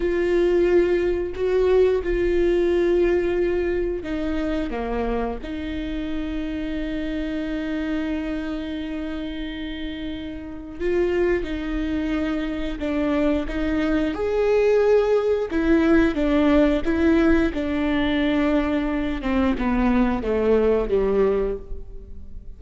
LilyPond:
\new Staff \with { instrumentName = "viola" } { \time 4/4 \tempo 4 = 89 f'2 fis'4 f'4~ | f'2 dis'4 ais4 | dis'1~ | dis'1 |
f'4 dis'2 d'4 | dis'4 gis'2 e'4 | d'4 e'4 d'2~ | d'8 c'8 b4 a4 g4 | }